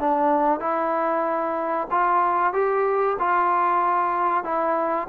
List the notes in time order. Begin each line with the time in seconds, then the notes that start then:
0.00 D4
0.60 E4
1.91 F4
2.54 G4
3.20 F4
4.44 E4